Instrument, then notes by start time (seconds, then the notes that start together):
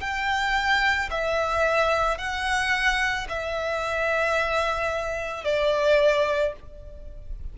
violin
0.00 G5
1.11 E5
2.18 F#5
3.29 E5
5.44 D5